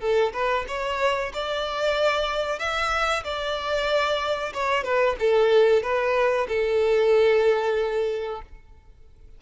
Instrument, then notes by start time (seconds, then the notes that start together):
violin
0.00 A4
0.33 B4
0.67 C#5
1.33 D5
2.59 E5
3.23 D5
4.53 C#5
4.83 B4
5.19 A4
5.82 B4
6.48 A4